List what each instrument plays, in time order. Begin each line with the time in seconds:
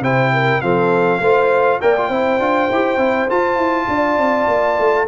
0.00 tuba C3, trombone E4, horn C5, trumpet G5
0.32 horn A#4
0.61 tuba F3, trombone C4, horn A4, trumpet F5
1.20 tuba A3, trombone F4, horn C5
1.81 tuba A#3, trombone A#4, horn D5, trumpet G5
1.97 trombone F4
2.09 tuba C4, trombone E4, horn C5
2.39 tuba D4, trombone F4
2.70 tuba E4, trombone G4
2.97 tuba C4, trombone E4
3.28 trombone F4, tuba F4, trumpet A5
3.56 tuba E4
3.87 tuba D4, horn D5
4.17 tuba C4
4.47 tuba A#3
4.78 tuba A3